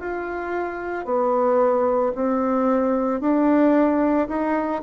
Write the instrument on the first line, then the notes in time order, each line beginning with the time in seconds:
bassoon
0.00 F4
1.05 B3
2.15 C4
3.20 D4
4.28 D#4